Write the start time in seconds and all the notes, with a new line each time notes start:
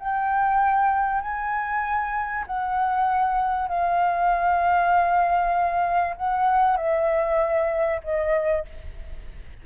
0.00 G5
1.22 G#5
2.47 F#5
3.69 F5
6.17 F#5
6.77 E5
8.04 D#5